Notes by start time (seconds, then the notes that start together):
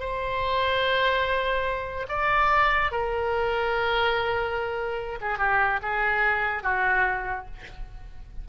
0.00 C5
2.09 D5
2.92 A#4
5.21 G#4
5.38 G4
5.82 G#4
6.63 F#4